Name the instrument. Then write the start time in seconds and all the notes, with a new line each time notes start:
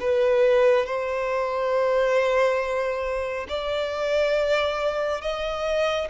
violin
0.00 B4
0.86 C5
3.49 D5
5.21 D#5